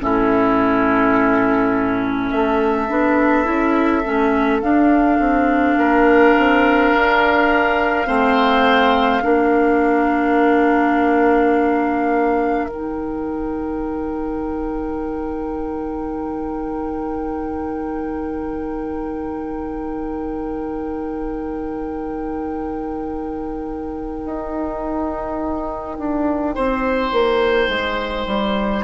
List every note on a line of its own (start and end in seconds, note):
0.00 2.32 A2
0.00 2.90 C#4
0.00 2.33 E4
0.00 2.31 A4
2.31 2.89 A3
2.31 5.79 A4
2.31 4.62 E5
2.89 3.47 B3
2.89 3.45 D4
3.45 4.05 C#4
3.45 4.02 E4
4.04 4.62 A3
4.04 4.62 C#4
4.62 5.20 D4
4.62 8.06 D4
4.62 12.69 F5
5.20 5.77 C4
5.77 6.35 A#3
5.77 8.07 A#4
6.38 6.95 C4
6.95 8.08 D4
8.06 9.24 A3
8.06 9.22 C4
8.06 9.23 C5
9.23 12.67 A#3
9.23 12.69 D4
9.23 26.55 A#4
12.67 24.21 D#3
12.67 28.84 D#4
12.67 28.84 G5
24.26 25.99 D#4
25.99 26.56 D4
26.55 27.12 C4
26.55 28.84 C5
27.12 27.68 A#3
27.68 28.26 G#3
28.27 28.84 G3